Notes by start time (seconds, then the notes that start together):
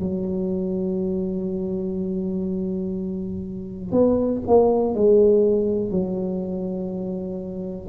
0.00 F#3
3.92 B3
4.48 A#3
4.95 G#3
5.91 F#3